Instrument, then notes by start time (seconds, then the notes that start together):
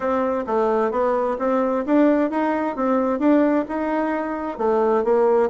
bassoon
0.00 C4
0.46 A3
0.91 B3
1.39 C4
1.85 D4
2.30 D#4
2.76 C4
3.19 D4
3.68 D#4
4.58 A3
5.04 A#3